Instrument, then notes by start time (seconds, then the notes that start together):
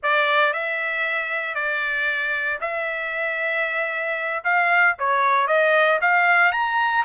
trumpet
0.02 D5
0.53 E5
1.55 D5
2.60 E5
4.43 F5
4.98 C#5
5.47 D#5
6.01 F5
6.52 A#5